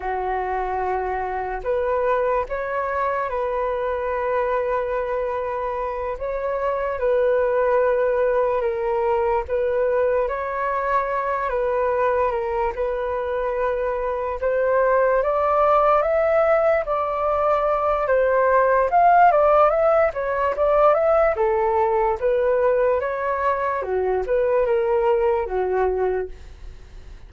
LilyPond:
\new Staff \with { instrumentName = "flute" } { \time 4/4 \tempo 4 = 73 fis'2 b'4 cis''4 | b'2.~ b'8 cis''8~ | cis''8 b'2 ais'4 b'8~ | b'8 cis''4. b'4 ais'8 b'8~ |
b'4. c''4 d''4 e''8~ | e''8 d''4. c''4 f''8 d''8 | e''8 cis''8 d''8 e''8 a'4 b'4 | cis''4 fis'8 b'8 ais'4 fis'4 | }